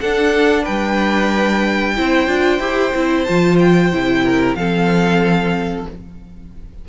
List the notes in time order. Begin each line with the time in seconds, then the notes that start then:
0.00 D4 A4 F#5
0.62 G3 B4 G5
1.96 C4 E4 C5
2.27 D4 F4
2.59 E4 G4
2.94 C4 E4
3.23 F3 F4 A5
3.59 G5
3.92 C3 E4
4.24 A#4
4.54 F3 C4 A4 F5